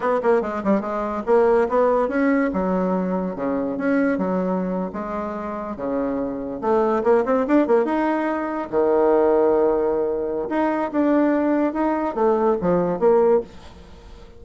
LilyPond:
\new Staff \with { instrumentName = "bassoon" } { \time 4/4 \tempo 4 = 143 b8 ais8 gis8 g8 gis4 ais4 | b4 cis'4 fis2 | cis4 cis'4 fis4.~ fis16 gis16~ | gis4.~ gis16 cis2 a16~ |
a8. ais8 c'8 d'8 ais8 dis'4~ dis'16~ | dis'8. dis2.~ dis16~ | dis4 dis'4 d'2 | dis'4 a4 f4 ais4 | }